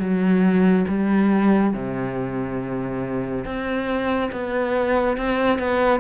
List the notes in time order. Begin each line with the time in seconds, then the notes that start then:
0.00 F#3
0.89 G3
1.74 C3
3.46 C4
4.32 B3
5.17 C4
5.59 B3